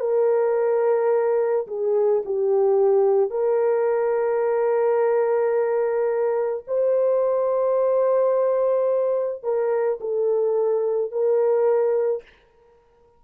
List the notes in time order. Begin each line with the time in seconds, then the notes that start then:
0.00 A#4
1.67 G#4
2.25 G4
3.30 A#4
6.67 C5
9.43 A#4
10.00 A4
11.12 A#4